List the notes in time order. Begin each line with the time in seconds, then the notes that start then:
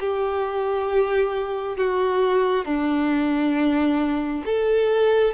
0.00 G4
1.77 F#4
2.65 D4
4.46 A4